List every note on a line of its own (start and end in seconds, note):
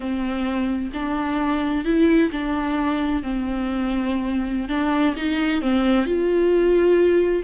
0.00 0.90 C4
0.93 1.84 D4
1.84 2.30 E4
2.31 3.22 D4
3.22 4.68 C4
4.68 5.14 D4
5.16 5.61 D#4
5.61 6.05 C4
6.05 7.42 F4